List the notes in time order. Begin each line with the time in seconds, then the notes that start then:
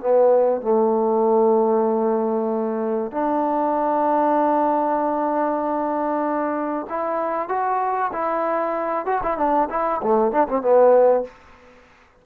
0.00 B3
0.61 A3
3.11 D4
6.89 E4
7.48 F#4
8.12 E4
9.05 F#4
9.23 E4
9.37 D4
9.69 E4
10.02 A3
10.31 D4
10.48 C4
10.61 B3